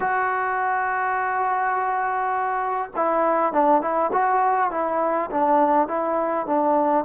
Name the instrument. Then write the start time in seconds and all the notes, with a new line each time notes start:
trombone
0.00 F#4
2.95 E4
3.52 D4
3.81 E4
4.12 F#4
4.71 E4
5.30 D4
5.87 E4
6.46 D4